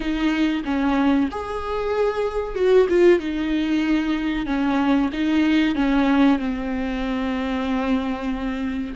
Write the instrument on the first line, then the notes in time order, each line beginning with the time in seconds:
viola
0.00 D#4
0.64 C#4
1.31 G#4
2.55 F#4
2.89 F4
3.19 D#4
4.46 C#4
5.12 D#4
5.75 C#4
6.38 C4